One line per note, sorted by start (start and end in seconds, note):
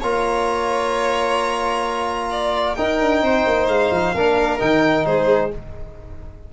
0.00 2.77 A#3
0.00 2.77 F4
0.00 2.29 C#5
0.00 2.75 A#5
2.31 2.77 D5
2.75 4.15 D#4
2.75 3.01 D#4
2.75 3.23 A#4
2.75 3.67 G5
3.01 3.23 D4
3.23 3.46 C4
3.23 4.15 C5
3.47 3.68 A#3
3.68 3.91 G#3
3.68 4.60 F5
3.92 4.15 F3
4.15 4.61 A#3
4.15 4.60 D4
4.15 5.07 A#4
4.60 5.06 D#3
4.60 5.51 D#4
4.60 5.06 G5
5.06 5.52 G#3
5.06 5.54 G#4
5.06 5.52 C5